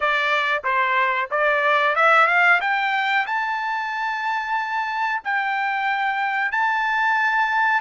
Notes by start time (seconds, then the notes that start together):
0.00 D5
0.64 C5
1.30 D5
1.95 E5
2.27 F5
2.61 G5
3.26 A5
5.24 G5
6.51 A5